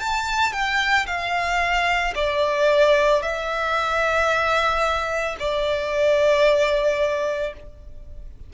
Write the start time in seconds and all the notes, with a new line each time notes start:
0.00 A5
0.53 G5
1.07 F5
2.15 D5
3.22 E5
5.39 D5